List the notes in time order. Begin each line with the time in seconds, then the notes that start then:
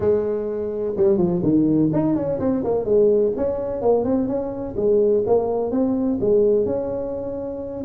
0.00 G#3
0.97 G3
1.17 F3
1.42 D#3
1.92 D#4
2.15 C#4
2.39 C4
2.64 A#3
2.84 G#3
3.36 C#4
3.81 A#3
4.04 C4
4.27 C#4
4.76 G#3
5.26 A#3
5.71 C4
6.20 G#3
6.65 C#4